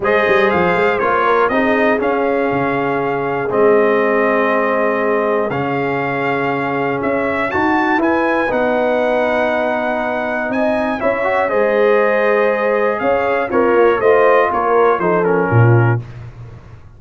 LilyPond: <<
  \new Staff \with { instrumentName = "trumpet" } { \time 4/4 \tempo 4 = 120 dis''4 f''4 cis''4 dis''4 | f''2. dis''4~ | dis''2. f''4~ | f''2 e''4 a''4 |
gis''4 fis''2.~ | fis''4 gis''4 e''4 dis''4~ | dis''2 f''4 cis''4 | dis''4 cis''4 c''8 ais'4. | }
  \new Staff \with { instrumentName = "horn" } { \time 4/4 c''2~ c''8 ais'8 gis'4~ | gis'1~ | gis'1~ | gis'2. fis'4 |
b'1~ | b'4 dis''4 cis''4 c''4~ | c''2 cis''4 f'4 | c''4 ais'4 a'4 f'4 | }
  \new Staff \with { instrumentName = "trombone" } { \time 4/4 gis'2 f'4 dis'4 | cis'2. c'4~ | c'2. cis'4~ | cis'2. fis'4 |
e'4 dis'2.~ | dis'2 e'8 fis'8 gis'4~ | gis'2. ais'4 | f'2 dis'8 cis'4. | }
  \new Staff \with { instrumentName = "tuba" } { \time 4/4 gis8 g8 f8 gis8 ais4 c'4 | cis'4 cis2 gis4~ | gis2. cis4~ | cis2 cis'4 dis'4 |
e'4 b2.~ | b4 c'4 cis'4 gis4~ | gis2 cis'4 c'8 ais8 | a4 ais4 f4 ais,4 | }
>>